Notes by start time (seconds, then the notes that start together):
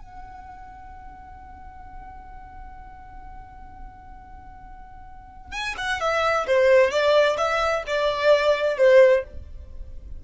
0.00 F#5
5.51 G#5
5.78 F#5
6.00 E5
6.47 C5
6.90 D5
7.37 E5
7.87 D5
8.77 C5